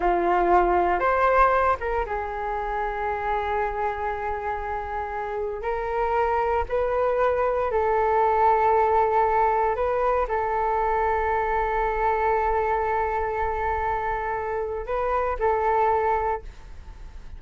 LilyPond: \new Staff \with { instrumentName = "flute" } { \time 4/4 \tempo 4 = 117 f'2 c''4. ais'8 | gis'1~ | gis'2. ais'4~ | ais'4 b'2 a'4~ |
a'2. b'4 | a'1~ | a'1~ | a'4 b'4 a'2 | }